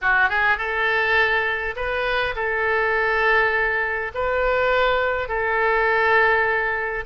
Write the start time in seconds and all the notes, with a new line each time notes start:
0.01 F#4
0.29 G#4
0.57 A4
1.75 B4
2.35 A4
4.14 B4
5.28 A4